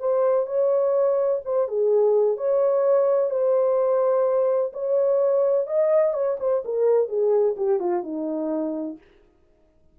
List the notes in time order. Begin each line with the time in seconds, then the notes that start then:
0.00 C5
0.47 C#5
1.45 C5
1.68 G#4
2.38 C#5
3.31 C5
4.73 C#5
5.67 D#5
6.14 C#5
6.40 C5
6.65 A#4
7.09 G#4
7.57 G4
7.80 F4
8.04 D#4